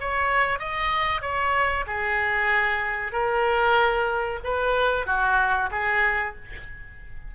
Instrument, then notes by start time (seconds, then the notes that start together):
oboe
0.00 C#5
0.59 D#5
1.21 C#5
1.86 G#4
3.12 A#4
4.44 B4
5.06 F#4
5.71 G#4